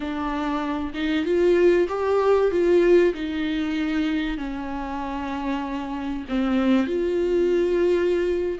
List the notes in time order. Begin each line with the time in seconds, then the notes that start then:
0.00 D4
0.93 D#4
1.25 F4
1.88 G4
2.51 F4
3.14 D#4
4.37 C#4
6.28 C4
6.87 F4